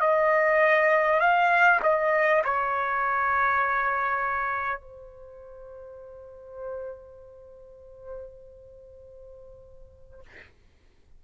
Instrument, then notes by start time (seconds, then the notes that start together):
trumpet
0.00 D#5
1.19 F5
1.82 D#5
2.44 C#5
4.81 C5